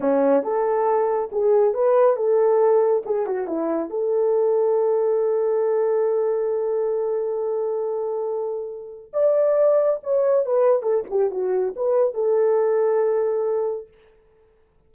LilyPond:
\new Staff \with { instrumentName = "horn" } { \time 4/4 \tempo 4 = 138 cis'4 a'2 gis'4 | b'4 a'2 gis'8 fis'8 | e'4 a'2.~ | a'1~ |
a'1~ | a'4 d''2 cis''4 | b'4 a'8 g'8 fis'4 b'4 | a'1 | }